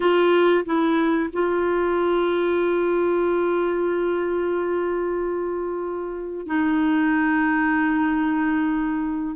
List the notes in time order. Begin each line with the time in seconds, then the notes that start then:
0.00 F4
0.65 E4
1.32 F4
6.46 D#4